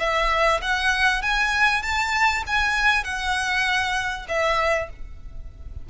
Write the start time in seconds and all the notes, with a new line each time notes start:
0.00 E5
0.62 F#5
1.22 G#5
1.83 A5
2.47 G#5
3.04 F#5
4.29 E5